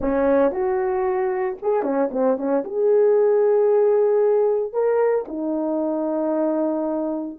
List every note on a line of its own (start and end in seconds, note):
0.00 0.51 C#4
0.51 1.56 F#4
1.61 1.82 G#4
1.82 2.09 C#4
2.11 2.37 C4
2.37 2.63 C#4
2.64 4.72 G#4
4.72 5.25 A#4
5.28 7.38 D#4